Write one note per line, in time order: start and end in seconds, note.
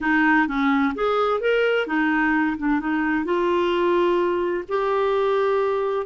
0.01 0.47 D#4
0.47 0.94 C#4
0.95 1.40 G#4
1.40 1.86 A#4
1.86 2.56 D#4
2.57 2.80 D4
2.80 3.24 D#4
3.24 4.64 F4
4.68 6.06 G4